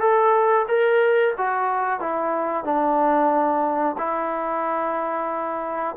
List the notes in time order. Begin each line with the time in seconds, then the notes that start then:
0.00 A4
0.68 A#4
1.38 F#4
2.00 E4
2.64 D4
3.98 E4